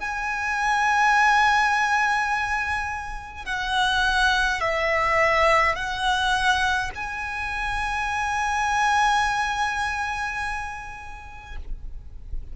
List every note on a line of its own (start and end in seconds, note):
0.00 3.46 G#5
3.46 4.61 F#5
4.61 5.75 E5
5.75 6.91 F#5
6.95 11.56 G#5